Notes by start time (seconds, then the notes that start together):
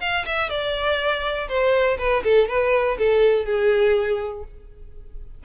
0.00 F5
0.25 E5
0.49 D5
1.48 C5
1.98 B4
2.23 A4
2.48 B4
2.98 A4
3.45 G#4